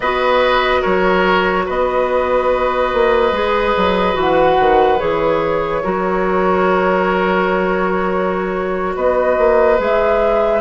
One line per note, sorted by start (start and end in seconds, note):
0.00 0.82 B3
0.00 3.34 F#4
0.00 0.81 B4
0.00 0.82 D#5
0.81 1.68 F#3
0.81 1.64 A#4
0.81 1.65 C#5
1.65 2.93 B3
1.65 5.82 B4
1.65 4.19 D#5
2.93 3.31 A#3
3.31 3.73 G#3
3.31 4.14 G#4
3.77 4.15 F#3
4.14 4.57 E3
4.14 4.97 F#4
4.14 4.99 F#5
4.59 5.01 D#3
4.99 5.84 E3
4.99 5.82 G#4
4.99 8.94 C#5
5.83 8.96 F#3
5.83 9.77 F#4
5.83 8.95 A#4
8.95 9.37 B3
8.95 10.61 B4
8.95 9.80 D#5
9.37 9.79 A#3
9.77 10.61 G#3
9.77 10.61 G#4
9.77 10.61 E5